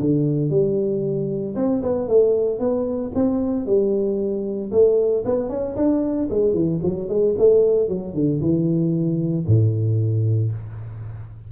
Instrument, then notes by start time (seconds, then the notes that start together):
tuba
0.00 D3
0.50 G3
1.55 C4
1.82 B3
2.08 A3
2.59 B3
3.14 C4
3.66 G3
4.71 A3
5.25 B3
5.49 C#4
5.76 D4
6.30 G#3
6.53 E3
6.83 F#3
7.08 G#3
7.38 A3
7.88 F#3
8.14 D3
8.40 E3
9.46 A2